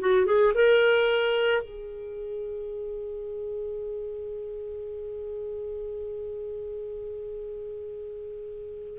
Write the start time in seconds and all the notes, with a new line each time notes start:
0.00 F#4
0.25 G#4
0.54 A#4
1.62 G#4